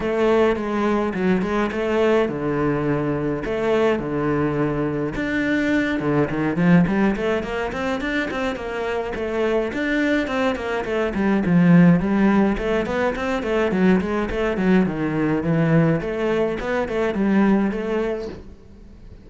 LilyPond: \new Staff \with { instrumentName = "cello" } { \time 4/4 \tempo 4 = 105 a4 gis4 fis8 gis8 a4 | d2 a4 d4~ | d4 d'4. d8 dis8 f8 | g8 a8 ais8 c'8 d'8 c'8 ais4 |
a4 d'4 c'8 ais8 a8 g8 | f4 g4 a8 b8 c'8 a8 | fis8 gis8 a8 fis8 dis4 e4 | a4 b8 a8 g4 a4 | }